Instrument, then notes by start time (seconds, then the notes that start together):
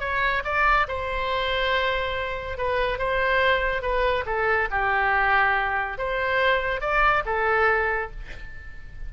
oboe
0.00 C#5
0.44 D5
0.88 C5
2.57 B4
2.98 C5
3.82 B4
4.26 A4
4.70 G4
5.98 C5
6.81 D5
7.26 A4